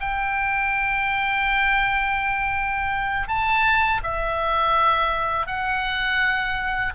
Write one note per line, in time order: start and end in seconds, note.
0.00 3.28 G5
3.28 4.01 A5
4.03 5.47 E5
5.47 6.93 F#5